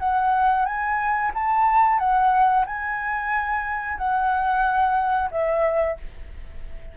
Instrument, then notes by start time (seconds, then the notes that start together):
flute
0.00 F#5
0.66 G#5
1.35 A5
2.00 F#5
2.67 G#5
3.98 F#5
5.31 E5